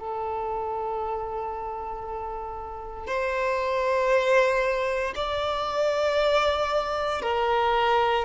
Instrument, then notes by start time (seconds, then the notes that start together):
violin
0.00 A4
3.08 C5
5.16 D5
7.22 A#4